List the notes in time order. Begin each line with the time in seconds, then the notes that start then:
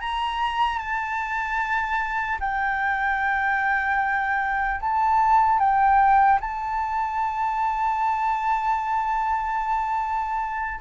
0.00 A#5
0.78 A5
2.40 G5
4.80 A5
5.59 G5
6.40 A5